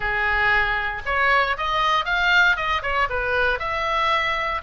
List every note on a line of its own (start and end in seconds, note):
0.00 1.02 G#4
1.05 1.56 C#5
1.57 2.05 D#5
2.05 2.56 F5
2.56 2.82 D#5
2.82 3.08 C#5
3.09 3.59 B4
3.59 4.61 E5